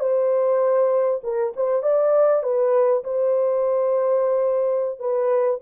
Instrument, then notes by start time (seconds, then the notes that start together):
horn
0.00 C5
1.23 A#4
1.56 C5
1.83 D5
2.43 B4
3.04 C5
4.99 B4